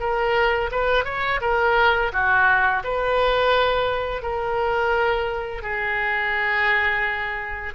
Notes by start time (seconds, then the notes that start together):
0.00 A#4
0.72 B4
1.05 C#5
1.41 A#4
2.13 F#4
2.84 B4
4.23 A#4
5.62 G#4